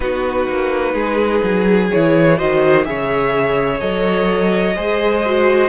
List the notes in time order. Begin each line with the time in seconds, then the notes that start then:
0.00 B3 D#4 F#4 B4
0.48 A#3
0.93 G#3 G#4
1.43 F#3
1.91 E3 E4 C#5
2.37 D#3 F#4 C5 D#5
2.85 C#3 G#4 C#5 E5
3.78 F#3 A4 D#5
4.76 G#3 G#4 C5
5.25 F#4